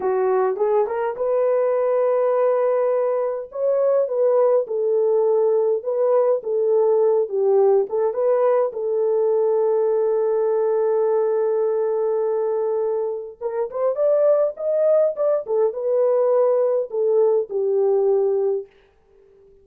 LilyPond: \new Staff \with { instrumentName = "horn" } { \time 4/4 \tempo 4 = 103 fis'4 gis'8 ais'8 b'2~ | b'2 cis''4 b'4 | a'2 b'4 a'4~ | a'8 g'4 a'8 b'4 a'4~ |
a'1~ | a'2. ais'8 c''8 | d''4 dis''4 d''8 a'8 b'4~ | b'4 a'4 g'2 | }